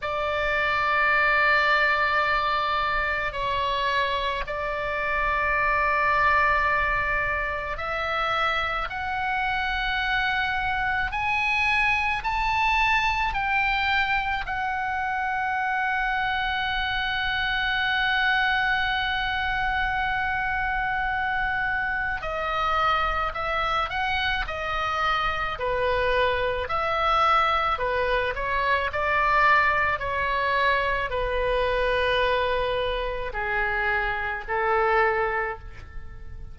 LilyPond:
\new Staff \with { instrumentName = "oboe" } { \time 4/4 \tempo 4 = 54 d''2. cis''4 | d''2. e''4 | fis''2 gis''4 a''4 | g''4 fis''2.~ |
fis''1 | dis''4 e''8 fis''8 dis''4 b'4 | e''4 b'8 cis''8 d''4 cis''4 | b'2 gis'4 a'4 | }